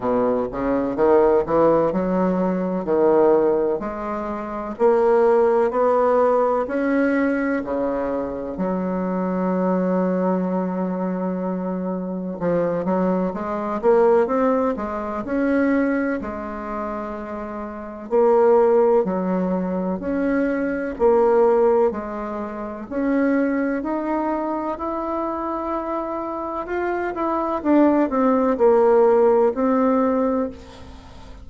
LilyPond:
\new Staff \with { instrumentName = "bassoon" } { \time 4/4 \tempo 4 = 63 b,8 cis8 dis8 e8 fis4 dis4 | gis4 ais4 b4 cis'4 | cis4 fis2.~ | fis4 f8 fis8 gis8 ais8 c'8 gis8 |
cis'4 gis2 ais4 | fis4 cis'4 ais4 gis4 | cis'4 dis'4 e'2 | f'8 e'8 d'8 c'8 ais4 c'4 | }